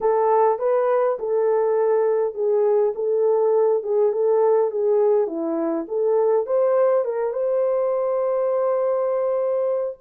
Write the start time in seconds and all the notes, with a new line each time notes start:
0.00 A4
0.59 B4
1.19 A4
2.34 G#4
2.95 A4
3.83 G#4
4.12 A4
4.71 G#4
5.27 E4
5.88 A4
6.46 C5
7.04 A#4
7.32 C5